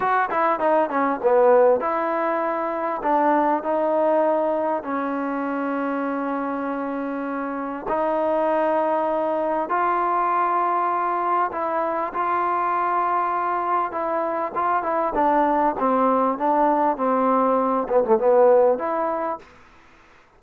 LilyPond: \new Staff \with { instrumentName = "trombone" } { \time 4/4 \tempo 4 = 99 fis'8 e'8 dis'8 cis'8 b4 e'4~ | e'4 d'4 dis'2 | cis'1~ | cis'4 dis'2. |
f'2. e'4 | f'2. e'4 | f'8 e'8 d'4 c'4 d'4 | c'4. b16 a16 b4 e'4 | }